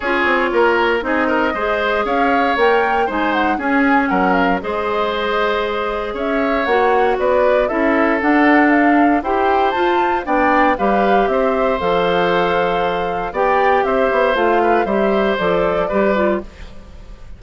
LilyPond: <<
  \new Staff \with { instrumentName = "flute" } { \time 4/4 \tempo 4 = 117 cis''2 dis''2 | f''4 g''4 gis''8 fis''8 gis''4 | fis''8 f''8 dis''2. | e''4 fis''4 d''4 e''4 |
fis''4 f''4 g''4 a''4 | g''4 f''4 e''4 f''4~ | f''2 g''4 e''4 | f''4 e''4 d''2 | }
  \new Staff \with { instrumentName = "oboe" } { \time 4/4 gis'4 ais'4 gis'8 ais'8 c''4 | cis''2 c''4 gis'4 | ais'4 c''2. | cis''2 b'4 a'4~ |
a'2 c''2 | d''4 b'4 c''2~ | c''2 d''4 c''4~ | c''8 b'8 c''2 b'4 | }
  \new Staff \with { instrumentName = "clarinet" } { \time 4/4 f'2 dis'4 gis'4~ | gis'4 ais'4 dis'4 cis'4~ | cis'4 gis'2.~ | gis'4 fis'2 e'4 |
d'2 g'4 f'4 | d'4 g'2 a'4~ | a'2 g'2 | f'4 g'4 a'4 g'8 f'8 | }
  \new Staff \with { instrumentName = "bassoon" } { \time 4/4 cis'8 c'8 ais4 c'4 gis4 | cis'4 ais4 gis4 cis'4 | fis4 gis2. | cis'4 ais4 b4 cis'4 |
d'2 e'4 f'4 | b4 g4 c'4 f4~ | f2 b4 c'8 b8 | a4 g4 f4 g4 | }
>>